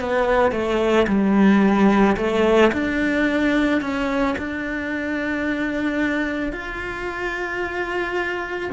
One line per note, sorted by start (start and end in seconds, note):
0.00 0.52 B3
0.52 1.06 A3
1.08 2.17 G3
2.17 2.72 A3
2.73 3.81 D4
3.81 4.36 C#4
4.38 6.53 D4
6.53 8.71 F4